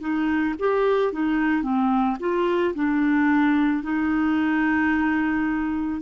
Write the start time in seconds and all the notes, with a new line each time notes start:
0.00 D#4
0.59 G4
1.12 D#4
1.62 C4
2.20 F4
2.74 D4
3.83 D#4